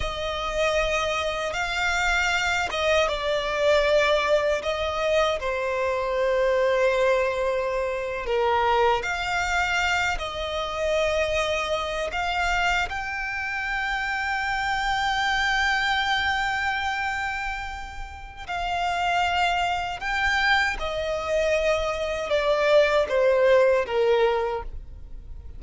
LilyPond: \new Staff \with { instrumentName = "violin" } { \time 4/4 \tempo 4 = 78 dis''2 f''4. dis''8 | d''2 dis''4 c''4~ | c''2~ c''8. ais'4 f''16~ | f''4~ f''16 dis''2~ dis''8 f''16~ |
f''8. g''2.~ g''16~ | g''1 | f''2 g''4 dis''4~ | dis''4 d''4 c''4 ais'4 | }